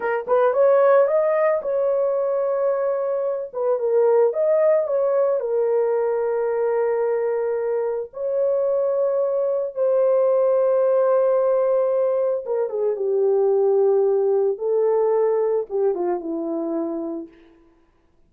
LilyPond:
\new Staff \with { instrumentName = "horn" } { \time 4/4 \tempo 4 = 111 ais'8 b'8 cis''4 dis''4 cis''4~ | cis''2~ cis''8 b'8 ais'4 | dis''4 cis''4 ais'2~ | ais'2. cis''4~ |
cis''2 c''2~ | c''2. ais'8 gis'8 | g'2. a'4~ | a'4 g'8 f'8 e'2 | }